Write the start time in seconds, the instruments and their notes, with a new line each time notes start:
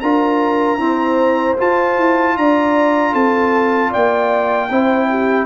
0.00 tuba D4, trombone F4, horn A#4, trumpet A#5
0.78 trombone C4, tuba E4, horn C5
1.57 trombone F4, tuba F4, trumpet A5
1.98 tuba E4
2.37 tuba D4, horn D5, trumpet A#5
3.12 tuba C4, horn A4, trumpet A5
3.90 tuba A#3, horn D5, trumpet G5
4.70 tuba C4, trombone E4, horn C5
5.10 horn G4